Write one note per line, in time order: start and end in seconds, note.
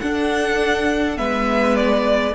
0.00 1.17 D4
0.00 1.18 D4
0.00 1.19 A4
0.00 1.18 F#5
1.17 2.35 G#3
1.17 2.34 B3
1.17 2.35 B4
1.17 1.76 E5
1.76 2.35 D5